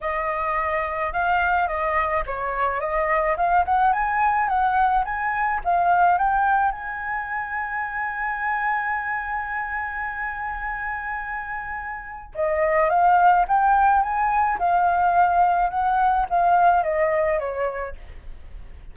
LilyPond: \new Staff \with { instrumentName = "flute" } { \time 4/4 \tempo 4 = 107 dis''2 f''4 dis''4 | cis''4 dis''4 f''8 fis''8 gis''4 | fis''4 gis''4 f''4 g''4 | gis''1~ |
gis''1~ | gis''2 dis''4 f''4 | g''4 gis''4 f''2 | fis''4 f''4 dis''4 cis''4 | }